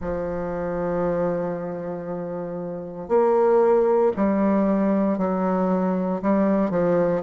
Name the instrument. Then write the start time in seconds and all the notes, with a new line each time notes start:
bassoon
0.00 F3
3.08 A#3
4.16 G3
5.17 F#3
6.22 G3
6.70 F3